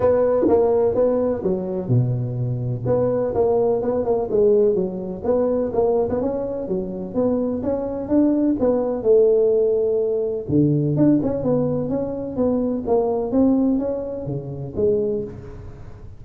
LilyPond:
\new Staff \with { instrumentName = "tuba" } { \time 4/4 \tempo 4 = 126 b4 ais4 b4 fis4 | b,2 b4 ais4 | b8 ais8 gis4 fis4 b4 | ais8. b16 cis'4 fis4 b4 |
cis'4 d'4 b4 a4~ | a2 d4 d'8 cis'8 | b4 cis'4 b4 ais4 | c'4 cis'4 cis4 gis4 | }